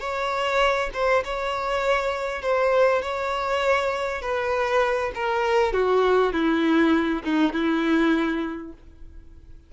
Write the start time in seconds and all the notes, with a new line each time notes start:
0.00 C#5
0.94 C5
1.24 C#5
2.42 C5
3.02 C#5
4.22 B4
5.15 A#4
5.73 F#4
6.33 E4
7.24 D#4
7.53 E4